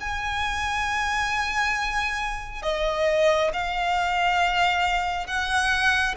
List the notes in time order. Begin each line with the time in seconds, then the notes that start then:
0.00 G#5
2.62 D#5
3.53 F5
5.27 F#5